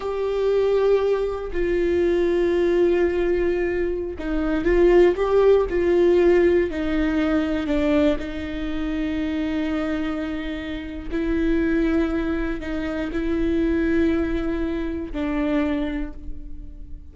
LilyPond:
\new Staff \with { instrumentName = "viola" } { \time 4/4 \tempo 4 = 119 g'2. f'4~ | f'1~ | f'16 dis'4 f'4 g'4 f'8.~ | f'4~ f'16 dis'2 d'8.~ |
d'16 dis'2.~ dis'8.~ | dis'2 e'2~ | e'4 dis'4 e'2~ | e'2 d'2 | }